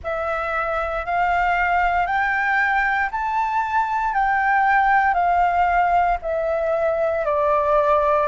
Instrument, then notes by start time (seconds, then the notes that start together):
flute
0.03 E5
1.05 F5
2.06 G5
3.11 A5
4.14 G5
5.13 F5
6.22 E5
7.25 D5